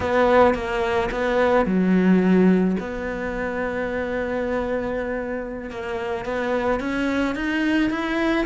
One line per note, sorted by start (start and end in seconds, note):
0.00 0.54 B3
0.54 1.09 A#3
1.11 1.65 B3
1.65 2.76 F#3
2.79 5.70 B3
5.70 6.25 A#3
6.25 6.80 B3
6.80 7.35 C#4
7.35 7.90 D#4
7.90 8.45 E4